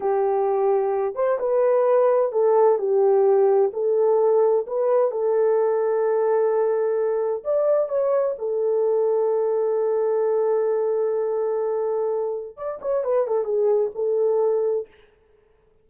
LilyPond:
\new Staff \with { instrumentName = "horn" } { \time 4/4 \tempo 4 = 129 g'2~ g'8 c''8 b'4~ | b'4 a'4 g'2 | a'2 b'4 a'4~ | a'1 |
d''4 cis''4 a'2~ | a'1~ | a'2. d''8 cis''8 | b'8 a'8 gis'4 a'2 | }